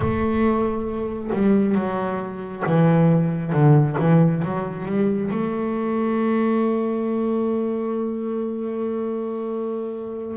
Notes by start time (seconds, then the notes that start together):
0.00 A3
1.32 G3
1.74 F#3
2.66 E3
3.52 D3
3.99 E3
4.44 F#3
4.85 G3
5.31 A3